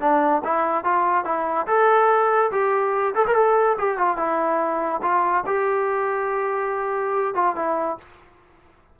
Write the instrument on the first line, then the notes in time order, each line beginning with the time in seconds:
trombone
0.00 D4
0.44 E4
0.84 F4
1.24 E4
1.67 A4
2.51 G4
3.15 A4
3.27 A#4
3.35 A4
3.78 G4
3.98 F4
4.17 E4
5.02 F4
5.46 G4
7.34 F4
7.56 E4